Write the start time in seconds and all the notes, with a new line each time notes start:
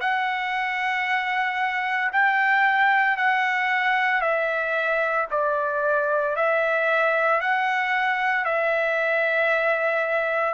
0.00 F#5
2.12 G5
3.17 F#5
4.21 E5
5.31 D5
6.36 E5
7.41 F#5
8.44 E5